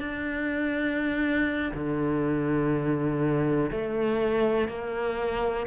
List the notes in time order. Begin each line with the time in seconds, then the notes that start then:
0.00 D4
1.74 D3
3.71 A3
4.69 A#3